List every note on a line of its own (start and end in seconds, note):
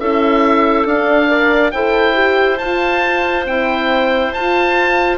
0.00 0.86 C#4
0.00 0.86 E4
0.00 1.29 A4
0.00 0.87 E5
0.86 1.72 D4
0.86 1.28 D4
0.86 1.71 F5
1.28 1.72 A#4
1.28 1.72 D5
1.71 2.61 E4
1.71 2.14 A4
1.71 5.18 C5
1.71 2.58 G5
2.14 2.58 G4
2.58 3.45 F4
2.58 3.48 F4
2.58 3.45 A5
3.45 4.32 C4
3.45 4.36 E4
3.45 4.33 G5
4.33 5.18 F4
4.33 5.18 A5